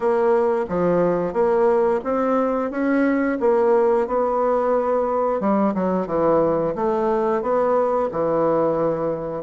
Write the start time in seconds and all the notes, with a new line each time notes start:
0.00 A#3
0.69 F3
1.33 A#3
2.04 C4
2.71 C#4
3.40 A#3
4.07 B3
5.40 G3
5.74 F#3
6.06 E3
6.75 A3
7.42 B3
8.11 E3